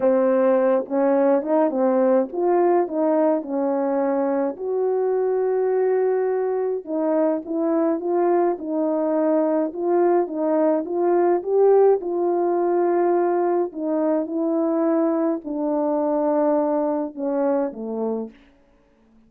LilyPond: \new Staff \with { instrumentName = "horn" } { \time 4/4 \tempo 4 = 105 c'4. cis'4 dis'8 c'4 | f'4 dis'4 cis'2 | fis'1 | dis'4 e'4 f'4 dis'4~ |
dis'4 f'4 dis'4 f'4 | g'4 f'2. | dis'4 e'2 d'4~ | d'2 cis'4 a4 | }